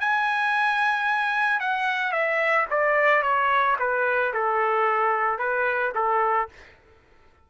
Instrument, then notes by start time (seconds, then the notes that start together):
trumpet
0.00 G#5
1.60 F#5
2.12 E5
2.70 D5
3.22 C#5
3.79 B4
4.34 A4
5.39 B4
5.95 A4